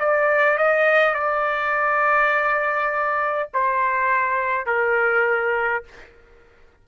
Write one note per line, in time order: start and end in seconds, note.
0.00 0.58 D5
0.58 1.14 D#5
1.14 3.50 D5
3.55 4.67 C5
4.67 5.84 A#4